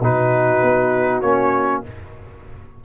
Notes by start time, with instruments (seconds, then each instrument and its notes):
0.00 tuba B2, trombone D#4, horn F#4, trumpet B4
0.62 tuba B3
1.21 tuba A#3, trombone C#4, trumpet C#5